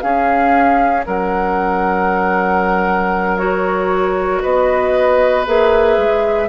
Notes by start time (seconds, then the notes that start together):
0.00 C#4 G#4 F5
1.06 F#3 A#4 F#5
3.37 F#4 C#5
4.42 B3 B4 D#5
5.46 A#3 G#4 E5
5.97 G#3